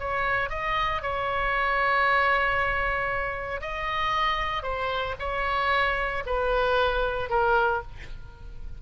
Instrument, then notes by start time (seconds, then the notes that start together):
oboe
0.00 C#5
0.50 D#5
1.02 C#5
3.61 D#5
4.63 C5
5.19 C#5
6.26 B4
7.30 A#4